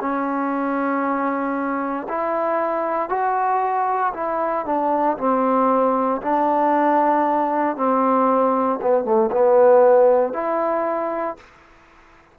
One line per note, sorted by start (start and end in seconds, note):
0.00 2.07 C#4
2.08 3.09 E4
3.09 4.12 F#4
4.13 4.65 E4
4.65 5.17 D4
5.17 6.21 C4
6.21 7.76 D4
7.76 8.79 C4
8.81 9.04 B3
9.04 9.30 A3
9.32 10.33 B3
10.33 11.37 E4